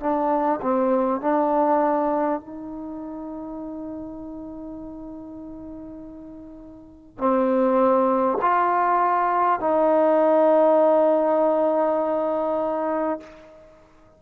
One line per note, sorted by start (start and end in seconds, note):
0.00 0.60 D4
0.62 1.21 C4
1.21 2.41 D4
2.41 7.18 D#4
7.18 8.38 C4
8.42 9.60 F4
9.60 13.20 D#4